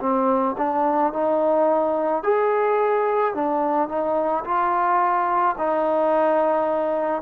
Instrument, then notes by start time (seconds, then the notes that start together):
trombone
0.00 C4
0.58 D4
1.13 D#4
2.24 G#4
3.34 D4
3.89 D#4
4.44 F4
5.58 D#4